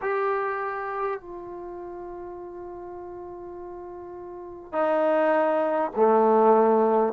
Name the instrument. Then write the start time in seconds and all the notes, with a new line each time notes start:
trombone
0.01 G4
1.20 F4
4.72 D#4
5.95 A3